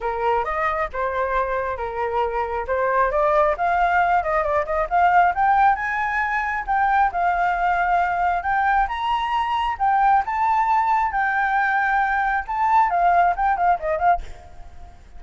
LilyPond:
\new Staff \with { instrumentName = "flute" } { \time 4/4 \tempo 4 = 135 ais'4 dis''4 c''2 | ais'2 c''4 d''4 | f''4. dis''8 d''8 dis''8 f''4 | g''4 gis''2 g''4 |
f''2. g''4 | ais''2 g''4 a''4~ | a''4 g''2. | a''4 f''4 g''8 f''8 dis''8 f''8 | }